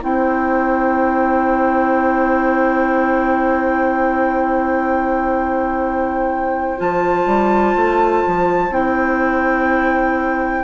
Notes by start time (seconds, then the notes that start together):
0.00 C4 E4 C5 G5
6.77 F3 F4 A5
7.26 G3
7.76 A3
8.26 F3
8.70 C4 E4 G5